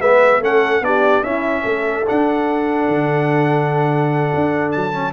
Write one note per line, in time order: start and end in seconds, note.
0.00 0.40 G#3
0.00 0.42 B3
0.00 0.41 B4
0.00 0.42 E5
0.40 0.81 A3
0.40 0.83 C#4
0.40 0.85 A4
0.40 0.84 F#5
0.81 1.22 B3
0.81 1.24 D4
0.81 1.26 G4
0.81 1.24 D5
1.23 1.64 C#4
1.23 2.06 C#4
1.23 1.63 E4
1.23 2.06 E5
1.63 2.06 A3
1.63 5.13 A4
2.07 4.93 D4
2.07 2.88 D4
2.07 4.72 F#5
2.88 4.32 D3
4.35 4.76 D4
4.72 5.14 F#3
4.72 5.13 A5
4.93 5.14 C#4